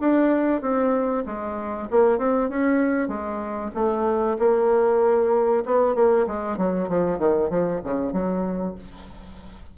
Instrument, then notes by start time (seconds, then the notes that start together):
bassoon
0.00 D4
0.61 C4
1.25 G#3
1.90 A#3
2.18 C4
2.49 C#4
3.08 G#3
3.74 A3
4.39 A#3
5.65 B3
5.94 A#3
6.27 G#3
6.57 F#3
6.88 F3
7.18 D#3
7.49 F3
7.83 C#3
8.12 F#3